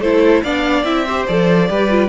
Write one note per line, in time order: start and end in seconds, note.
0.00 0.42 A3
0.00 0.45 E4
0.00 0.43 A4
0.00 0.43 C5
0.43 0.84 B3
0.43 0.85 D4
0.43 1.05 D5
0.43 0.84 F5
0.84 1.26 C4
0.84 1.06 E4
0.84 1.26 E5
1.05 1.28 G4
1.05 1.68 C5
1.27 1.70 F3
1.27 1.69 A4
1.27 2.09 D5
1.69 2.09 G3
1.69 1.90 G4
1.69 2.09 B4
1.90 2.09 F4